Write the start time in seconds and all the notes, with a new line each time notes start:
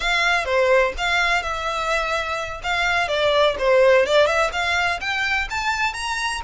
0.00 F5
0.45 C5
0.97 F5
1.42 E5
2.63 F5
3.07 D5
3.58 C5
4.06 D5
4.26 E5
4.52 F5
5.00 G5
5.50 A5
5.93 A#5